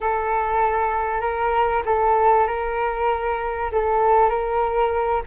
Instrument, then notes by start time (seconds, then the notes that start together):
flute
0.00 A4
1.21 A#4
1.85 A4
2.47 A#4
3.71 A4
4.29 A#4